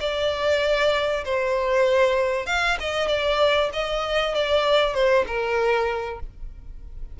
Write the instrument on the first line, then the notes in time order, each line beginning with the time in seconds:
violin
0.00 D5
1.24 C5
2.46 F5
2.80 D#5
3.08 D5
3.73 D#5
4.35 D5
4.94 C5
5.27 A#4